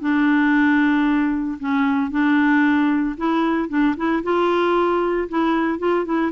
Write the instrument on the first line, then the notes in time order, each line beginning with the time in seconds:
clarinet
0.00 D4
1.60 C#4
2.11 D4
3.17 E4
3.68 D4
3.96 E4
4.23 F4
5.28 E4
5.78 F4
6.05 E4